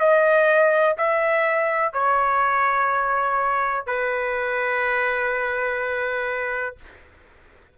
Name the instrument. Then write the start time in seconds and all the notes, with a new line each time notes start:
trumpet
0.00 D#5
0.98 E5
1.94 C#5
3.87 B4